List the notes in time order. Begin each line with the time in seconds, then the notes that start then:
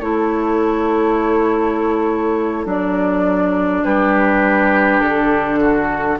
0.00 A3 E4 A4 C#5
2.65 F#3 D4 D5
3.83 G3 G4 B4
5.00 D3 A4
5.60 F#4